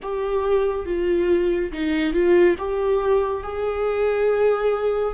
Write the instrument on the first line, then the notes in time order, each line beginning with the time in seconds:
viola
0.02 G4
0.85 F4
1.72 D#4
2.13 F4
2.58 G4
3.43 G#4